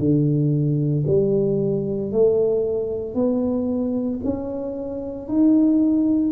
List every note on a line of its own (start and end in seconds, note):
0.00 1.05 D3
1.07 2.12 G3
2.12 3.15 A3
3.15 4.20 B3
4.24 5.29 C#4
5.29 6.32 D#4